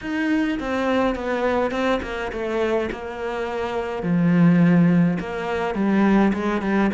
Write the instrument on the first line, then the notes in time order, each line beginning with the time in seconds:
cello
0.01 D#4
0.59 C4
1.15 B3
1.71 C4
2.02 A#3
2.32 A3
2.91 A#3
4.02 F3
5.19 A#3
5.74 G3
6.33 G#3
6.61 G3